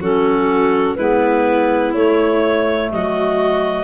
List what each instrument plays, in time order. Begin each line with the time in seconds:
0.00 tuba F#3, clarinet C#4 A4, violin F#4
0.95 tuba G#3, clarinet B3 B4, violin E4
1.93 tuba A3, clarinet A3 C#5
2.91 tuba F#3, violin F#4, clarinet D#5